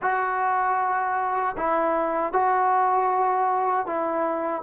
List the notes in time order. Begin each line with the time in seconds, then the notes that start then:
0.02 F#4
1.57 E4
2.32 F#4
3.86 E4